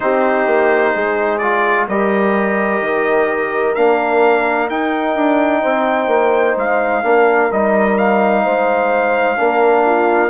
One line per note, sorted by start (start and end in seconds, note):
0.00 0.46 C4
0.00 1.40 D#4
0.00 0.93 G4
0.00 1.38 C5
0.46 0.93 A#3
0.93 1.88 G#3
0.93 1.87 G#4
1.38 1.89 F4
1.38 1.85 D5
1.88 2.80 G3
1.88 3.76 G4
1.88 5.61 A#4
1.88 3.74 D#5
2.80 3.74 D#3
3.74 4.70 A#3
3.74 4.70 D4
3.74 4.68 F5
4.69 5.15 D#4
4.69 7.03 D#4
4.69 6.57 G5
5.15 5.62 D4
5.61 6.07 C4
5.61 7.02 C5
6.07 6.54 A#3
6.56 7.03 G#3
6.56 7.52 F5
7.03 7.50 A#3
7.03 7.50 D4
7.03 8.43 A#4
7.51 8.45 G3
7.51 9.37 D#4
7.51 7.98 D#5
7.98 10.30 F5
8.43 9.38 G#3
8.43 9.37 C5
9.37 10.30 A#3
9.37 10.30 D4
9.37 9.85 A#4
9.85 10.30 F4